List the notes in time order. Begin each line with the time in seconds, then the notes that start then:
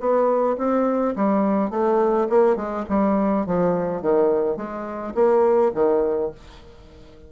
0.00 B3
0.58 C4
1.16 G3
1.71 A3
2.30 A#3
2.56 G#3
2.89 G3
3.47 F3
4.02 D#3
4.57 G#3
5.15 A#3
5.75 D#3